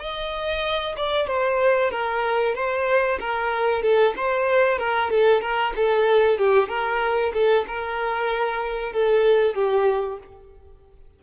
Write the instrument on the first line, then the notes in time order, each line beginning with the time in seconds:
violin
0.00 D#5
0.97 D5
1.27 C5
1.91 A#4
2.55 C5
3.20 A#4
3.83 A4
4.17 C5
4.79 A#4
5.11 A4
5.42 A#4
5.76 A4
6.38 G4
6.69 A#4
7.34 A4
7.68 A#4
8.93 A4
9.55 G4